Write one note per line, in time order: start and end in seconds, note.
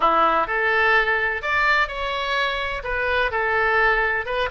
0.00 0.47 E4
0.47 1.42 A4
1.42 1.87 D5
1.87 2.82 C#5
2.83 3.31 B4
3.31 4.25 A4
4.25 4.49 B4